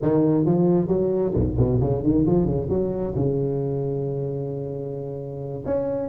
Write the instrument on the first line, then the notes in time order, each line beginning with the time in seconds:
tuba
0.02 D#3
0.45 F3
0.87 F#3
1.34 B1
1.57 B2
1.80 C#3
2.03 D#3
2.26 F3
2.45 C#3
2.69 F#3
3.15 C#3
5.65 C#4